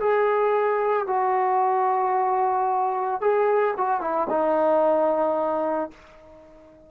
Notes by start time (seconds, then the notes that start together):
0.00 G#4
1.07 F#4
3.21 G#4
3.78 F#4
4.01 E4
4.30 D#4